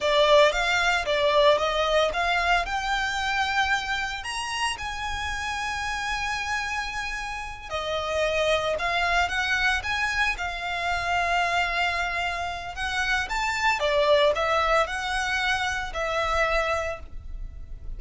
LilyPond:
\new Staff \with { instrumentName = "violin" } { \time 4/4 \tempo 4 = 113 d''4 f''4 d''4 dis''4 | f''4 g''2. | ais''4 gis''2.~ | gis''2~ gis''8 dis''4.~ |
dis''8 f''4 fis''4 gis''4 f''8~ | f''1 | fis''4 a''4 d''4 e''4 | fis''2 e''2 | }